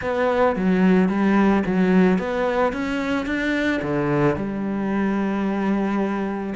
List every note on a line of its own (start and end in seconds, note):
0.01 0.56 B3
0.56 1.08 F#3
1.08 1.63 G3
1.66 2.18 F#3
2.18 2.72 B3
2.72 3.26 C#4
3.26 3.80 D4
3.82 4.36 D3
4.36 6.54 G3